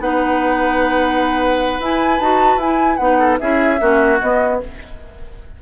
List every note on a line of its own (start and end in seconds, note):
0.00 1.80 B3
0.00 1.80 D#4
0.00 3.19 B4
0.00 1.81 F#5
1.80 2.20 E4
1.80 2.20 G#5
2.20 2.57 D#4
2.20 2.62 F#4
2.20 2.60 A5
2.57 2.97 E4
2.57 3.00 E4
2.57 2.97 G#5
2.97 3.40 B3
2.97 3.40 D#4
2.97 3.37 F#5
3.19 3.39 A4
3.40 3.81 C#4
3.40 3.79 E4
3.40 3.81 G#4
3.40 4.20 E5
3.79 4.21 A#3
3.79 4.19 C#4
3.79 4.61 F#4
4.21 4.61 B3
4.21 4.62 B3
4.21 4.61 D#5